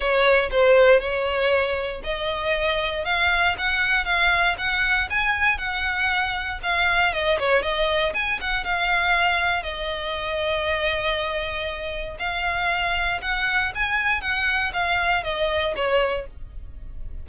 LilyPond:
\new Staff \with { instrumentName = "violin" } { \time 4/4 \tempo 4 = 118 cis''4 c''4 cis''2 | dis''2 f''4 fis''4 | f''4 fis''4 gis''4 fis''4~ | fis''4 f''4 dis''8 cis''8 dis''4 |
gis''8 fis''8 f''2 dis''4~ | dis''1 | f''2 fis''4 gis''4 | fis''4 f''4 dis''4 cis''4 | }